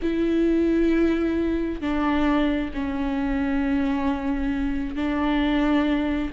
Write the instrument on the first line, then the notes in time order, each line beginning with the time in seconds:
viola
0.02 E4
1.80 D4
2.73 C#4
4.95 D4